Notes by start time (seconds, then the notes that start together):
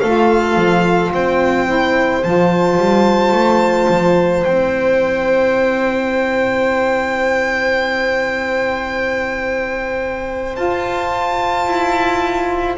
0.00 A3 F4 A4 F5
0.56 F3
1.13 C4 C5 G5
1.66 E4
2.24 F3 F4 A5
2.78 G3
3.32 A3
3.90 F3
4.44 C4 E4 G5
10.54 F4 A5
11.66 E4